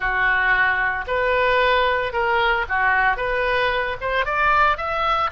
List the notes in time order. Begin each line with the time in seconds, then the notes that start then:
0.00 F#4
1.07 B4
2.12 A#4
2.68 F#4
3.17 B4
4.01 C5
4.25 D5
4.77 E5